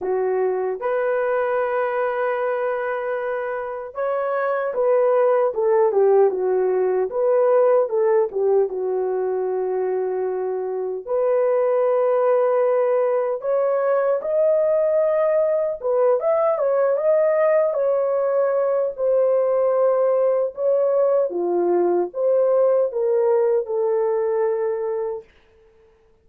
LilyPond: \new Staff \with { instrumentName = "horn" } { \time 4/4 \tempo 4 = 76 fis'4 b'2.~ | b'4 cis''4 b'4 a'8 g'8 | fis'4 b'4 a'8 g'8 fis'4~ | fis'2 b'2~ |
b'4 cis''4 dis''2 | b'8 e''8 cis''8 dis''4 cis''4. | c''2 cis''4 f'4 | c''4 ais'4 a'2 | }